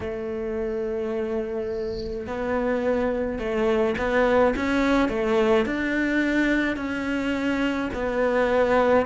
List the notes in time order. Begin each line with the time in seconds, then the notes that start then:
0.00 A3
2.26 B3
3.39 A3
3.97 B3
4.55 C#4
5.08 A3
5.66 D4
6.76 C#4
7.93 B3